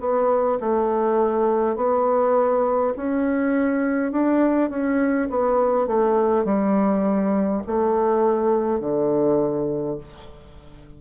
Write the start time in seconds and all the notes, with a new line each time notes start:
0.00 B3
0.60 A3
1.76 B3
2.97 C#4
4.12 D4
4.71 C#4
5.30 B3
5.87 A3
6.45 G3
7.67 A3
8.80 D3